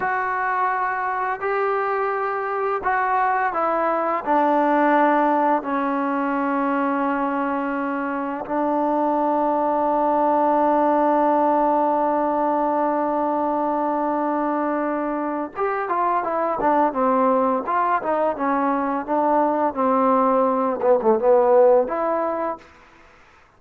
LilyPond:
\new Staff \with { instrumentName = "trombone" } { \time 4/4 \tempo 4 = 85 fis'2 g'2 | fis'4 e'4 d'2 | cis'1 | d'1~ |
d'1~ | d'2 g'8 f'8 e'8 d'8 | c'4 f'8 dis'8 cis'4 d'4 | c'4. b16 a16 b4 e'4 | }